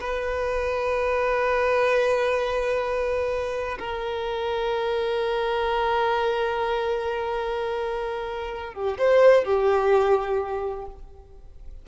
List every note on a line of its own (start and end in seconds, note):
0.00 3.78 B4
3.78 8.73 A#4
8.73 8.97 G4
8.98 9.44 C5
9.44 10.86 G4